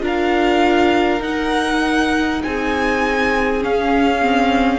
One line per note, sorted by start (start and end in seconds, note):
0.00 1.20 D4
0.00 1.20 F4
0.00 2.43 A#4
0.00 1.22 F5
1.20 2.40 D#4
1.20 3.60 D#4
1.20 2.42 F#5
2.43 3.65 C4
2.43 4.79 G#4
2.43 3.63 G#5
3.61 4.21 C#4
3.61 4.79 C#4
3.61 4.79 F5
4.21 4.79 C4